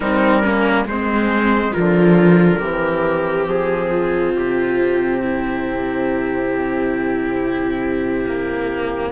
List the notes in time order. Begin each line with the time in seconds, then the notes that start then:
0.00 G3 C4 D#4 A#4
0.42 A#3 C#4
0.85 G#3 C4 C5
1.72 D3 F3 F4 A#4
2.58 E3 C4 G4
3.47 F3 G#4
3.90 F4
4.36 C3 G4
5.21 E4
8.26 A#3